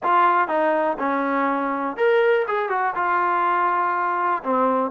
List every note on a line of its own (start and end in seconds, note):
0.03 0.48 F4
0.48 0.97 D#4
0.98 1.96 C#4
1.96 2.45 A#4
2.47 2.69 G#4
2.69 2.94 F#4
2.95 4.42 F4
4.43 4.90 C4